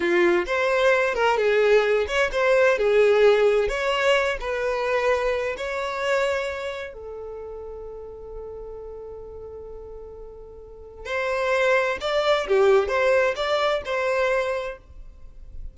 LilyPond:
\new Staff \with { instrumentName = "violin" } { \time 4/4 \tempo 4 = 130 f'4 c''4. ais'8 gis'4~ | gis'8 cis''8 c''4 gis'2 | cis''4. b'2~ b'8 | cis''2. a'4~ |
a'1~ | a'1 | c''2 d''4 g'4 | c''4 d''4 c''2 | }